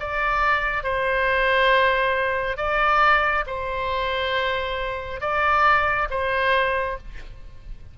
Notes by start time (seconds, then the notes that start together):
0.00 D5
0.84 C5
2.57 D5
3.47 C5
5.21 D5
6.10 C5